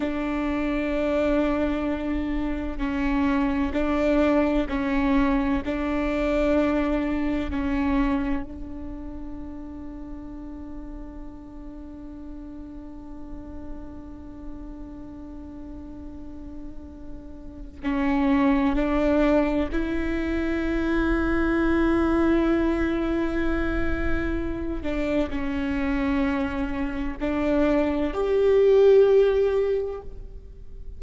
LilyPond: \new Staff \with { instrumentName = "viola" } { \time 4/4 \tempo 4 = 64 d'2. cis'4 | d'4 cis'4 d'2 | cis'4 d'2.~ | d'1~ |
d'2. cis'4 | d'4 e'2.~ | e'2~ e'8 d'8 cis'4~ | cis'4 d'4 g'2 | }